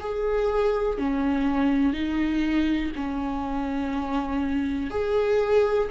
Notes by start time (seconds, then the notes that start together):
0.00 G#4
0.98 C#4
1.93 D#4
2.96 C#4
4.90 G#4